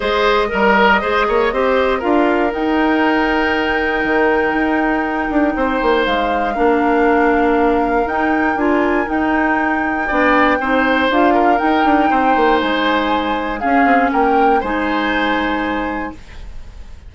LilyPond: <<
  \new Staff \with { instrumentName = "flute" } { \time 4/4 \tempo 4 = 119 dis''1 | f''4 g''2.~ | g''1 | f''1 |
g''4 gis''4 g''2~ | g''2 f''4 g''4~ | g''4 gis''2 f''4 | g''4 gis''2. | }
  \new Staff \with { instrumentName = "oboe" } { \time 4/4 c''4 ais'4 c''8 cis''8 c''4 | ais'1~ | ais'2. c''4~ | c''4 ais'2.~ |
ais'1 | d''4 c''4. ais'4. | c''2. gis'4 | ais'4 c''2. | }
  \new Staff \with { instrumentName = "clarinet" } { \time 4/4 gis'4 ais'4 gis'4 g'4 | f'4 dis'2.~ | dis'1~ | dis'4 d'2. |
dis'4 f'4 dis'2 | d'4 dis'4 f'4 dis'4~ | dis'2. cis'4~ | cis'4 dis'2. | }
  \new Staff \with { instrumentName = "bassoon" } { \time 4/4 gis4 g4 gis8 ais8 c'4 | d'4 dis'2. | dis4 dis'4. d'8 c'8 ais8 | gis4 ais2. |
dis'4 d'4 dis'2 | b4 c'4 d'4 dis'8 d'8 | c'8 ais8 gis2 cis'8 c'8 | ais4 gis2. | }
>>